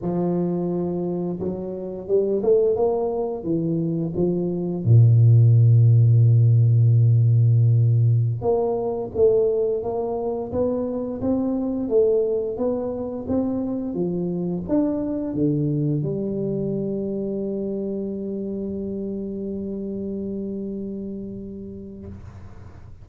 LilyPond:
\new Staff \with { instrumentName = "tuba" } { \time 4/4 \tempo 4 = 87 f2 fis4 g8 a8 | ais4 e4 f4 ais,4~ | ais,1~ | ais,16 ais4 a4 ais4 b8.~ |
b16 c'4 a4 b4 c'8.~ | c'16 f4 d'4 d4 g8.~ | g1~ | g1 | }